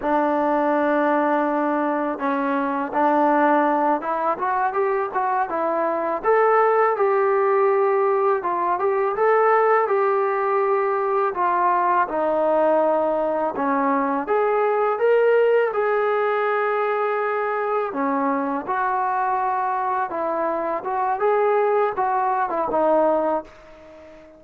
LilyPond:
\new Staff \with { instrumentName = "trombone" } { \time 4/4 \tempo 4 = 82 d'2. cis'4 | d'4. e'8 fis'8 g'8 fis'8 e'8~ | e'8 a'4 g'2 f'8 | g'8 a'4 g'2 f'8~ |
f'8 dis'2 cis'4 gis'8~ | gis'8 ais'4 gis'2~ gis'8~ | gis'8 cis'4 fis'2 e'8~ | e'8 fis'8 gis'4 fis'8. e'16 dis'4 | }